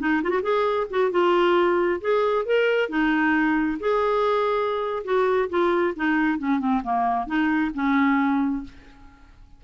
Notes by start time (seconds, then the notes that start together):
0.00 D#4
0.23 F4
0.30 F#4
0.42 G#4
0.90 F#4
1.11 F4
2.01 G#4
2.45 A#4
2.89 D#4
3.80 G#4
5.05 F#4
5.50 F4
5.96 D#4
6.39 C#4
6.59 C4
6.83 A#3
7.27 D#4
7.74 C#4